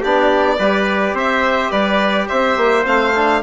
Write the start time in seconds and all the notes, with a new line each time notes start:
0.00 B3 D4 G4 D5
0.58 G3 G4 B4
1.13 C4 C5 E5
1.71 G3 B4 D5
2.28 C4 C5 E5
2.57 A#3
2.85 A3 C4 F5
3.15 D4